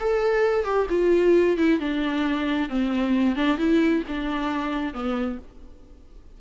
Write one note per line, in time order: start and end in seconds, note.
0.00 0.65 A4
0.65 0.87 G4
0.90 1.58 F4
1.58 1.80 E4
1.80 2.70 D4
2.70 3.36 C4
3.36 3.58 D4
3.58 4.03 E4
4.08 4.94 D4
4.94 5.39 B3